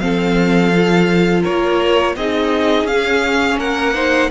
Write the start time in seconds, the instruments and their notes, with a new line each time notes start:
0.00 cello F3, viola C4, violin A4 F5
0.75 viola F4
1.42 violin A#4 C#5
1.48 cello A#3
2.16 cello C4, viola D#4, violin G#4 D#5
2.85 cello C#4, viola C#4, violin F5
3.59 cello A#3, violin A#4 F#5
3.95 viola D#4, violin C5